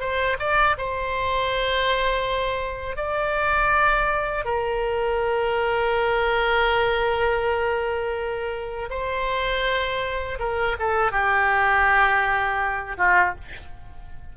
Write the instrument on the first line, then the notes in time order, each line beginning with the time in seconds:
oboe
0.00 C5
0.39 D5
0.77 C5
2.96 D5
4.44 A#4
8.90 C5
10.39 A#4
10.79 A4
11.12 G4
12.98 F4